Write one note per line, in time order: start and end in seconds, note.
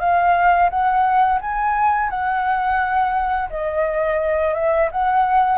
0.00 0.70 F5
0.70 1.40 F#5
1.41 2.10 G#5
2.10 3.49 F#5
3.50 4.55 D#5
4.55 4.90 E5
4.92 5.58 F#5